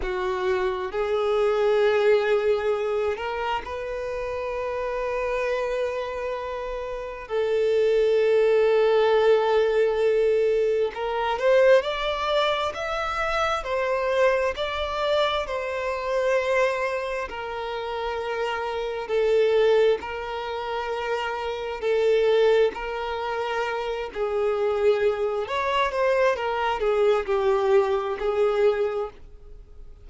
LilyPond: \new Staff \with { instrumentName = "violin" } { \time 4/4 \tempo 4 = 66 fis'4 gis'2~ gis'8 ais'8 | b'1 | a'1 | ais'8 c''8 d''4 e''4 c''4 |
d''4 c''2 ais'4~ | ais'4 a'4 ais'2 | a'4 ais'4. gis'4. | cis''8 c''8 ais'8 gis'8 g'4 gis'4 | }